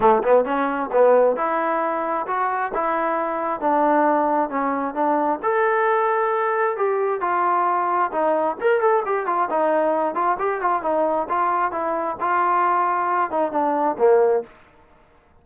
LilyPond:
\new Staff \with { instrumentName = "trombone" } { \time 4/4 \tempo 4 = 133 a8 b8 cis'4 b4 e'4~ | e'4 fis'4 e'2 | d'2 cis'4 d'4 | a'2. g'4 |
f'2 dis'4 ais'8 a'8 | g'8 f'8 dis'4. f'8 g'8 f'8 | dis'4 f'4 e'4 f'4~ | f'4. dis'8 d'4 ais4 | }